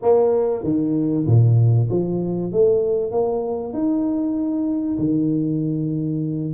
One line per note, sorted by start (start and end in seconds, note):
0.01 0.63 A#3
0.63 1.26 D#3
1.26 1.88 A#2
1.89 2.52 F3
2.52 3.11 A3
3.11 3.73 A#3
3.73 4.98 D#4
4.98 6.54 D#3